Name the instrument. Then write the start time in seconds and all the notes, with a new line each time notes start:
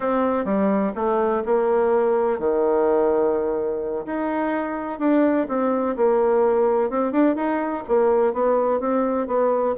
bassoon
0.00 C4
0.44 G3
0.95 A3
1.45 A#3
2.39 D#3
4.05 D#4
4.99 D4
5.48 C4
5.96 A#3
6.90 C4
7.11 D4
7.35 D#4
7.88 A#3
8.33 B3
8.79 C4
9.27 B3